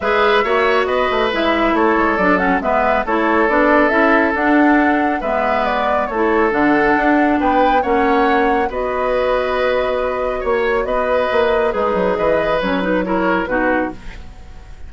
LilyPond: <<
  \new Staff \with { instrumentName = "flute" } { \time 4/4 \tempo 4 = 138 e''2 dis''4 e''4 | cis''4 d''8 fis''8 e''4 cis''4 | d''4 e''4 fis''2 | e''4 d''4 cis''4 fis''4~ |
fis''4 g''4 fis''2 | dis''1 | cis''4 dis''2 b'4 | dis''4 cis''8 b'8 cis''4 b'4 | }
  \new Staff \with { instrumentName = "oboe" } { \time 4/4 b'4 cis''4 b'2 | a'2 b'4 a'4~ | a'1 | b'2 a'2~ |
a'4 b'4 cis''2 | b'1 | cis''4 b'2 dis'4 | b'2 ais'4 fis'4 | }
  \new Staff \with { instrumentName = "clarinet" } { \time 4/4 gis'4 fis'2 e'4~ | e'4 d'8 cis'8 b4 e'4 | d'4 e'4 d'2 | b2 e'4 d'4~ |
d'2 cis'2 | fis'1~ | fis'2. gis'4~ | gis'4 cis'8 dis'8 e'4 dis'4 | }
  \new Staff \with { instrumentName = "bassoon" } { \time 4/4 gis4 ais4 b8 a8 gis4 | a8 gis8 fis4 gis4 a4 | b4 cis'4 d'2 | gis2 a4 d4 |
d'4 b4 ais2 | b1 | ais4 b4 ais4 gis8 fis8 | e4 fis2 b,4 | }
>>